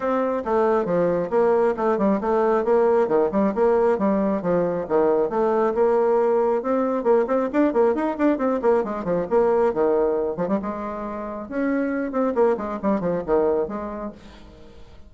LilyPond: \new Staff \with { instrumentName = "bassoon" } { \time 4/4 \tempo 4 = 136 c'4 a4 f4 ais4 | a8 g8 a4 ais4 dis8 g8 | ais4 g4 f4 dis4 | a4 ais2 c'4 |
ais8 c'8 d'8 ais8 dis'8 d'8 c'8 ais8 | gis8 f8 ais4 dis4. f16 g16 | gis2 cis'4. c'8 | ais8 gis8 g8 f8 dis4 gis4 | }